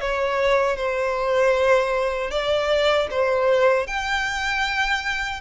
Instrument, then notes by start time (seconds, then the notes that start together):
violin
0.00 C#5
0.76 C5
2.30 D5
3.10 C5
3.87 G5